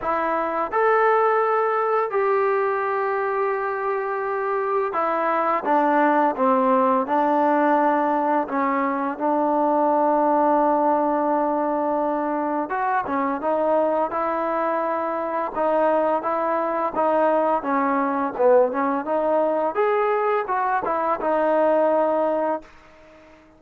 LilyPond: \new Staff \with { instrumentName = "trombone" } { \time 4/4 \tempo 4 = 85 e'4 a'2 g'4~ | g'2. e'4 | d'4 c'4 d'2 | cis'4 d'2.~ |
d'2 fis'8 cis'8 dis'4 | e'2 dis'4 e'4 | dis'4 cis'4 b8 cis'8 dis'4 | gis'4 fis'8 e'8 dis'2 | }